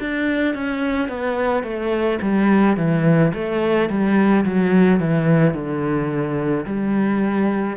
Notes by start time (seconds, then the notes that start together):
0.00 D4
0.55 C#4
1.08 B3
1.63 A3
2.22 G3
2.77 E3
3.34 A3
3.89 G3
4.45 F#3
4.99 E3
5.54 D3
6.66 G3